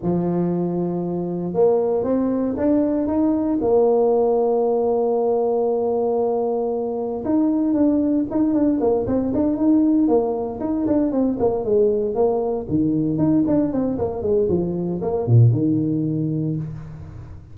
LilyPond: \new Staff \with { instrumentName = "tuba" } { \time 4/4 \tempo 4 = 116 f2. ais4 | c'4 d'4 dis'4 ais4~ | ais1~ | ais2 dis'4 d'4 |
dis'8 d'8 ais8 c'8 d'8 dis'4 ais8~ | ais8 dis'8 d'8 c'8 ais8 gis4 ais8~ | ais8 dis4 dis'8 d'8 c'8 ais8 gis8 | f4 ais8 ais,8 dis2 | }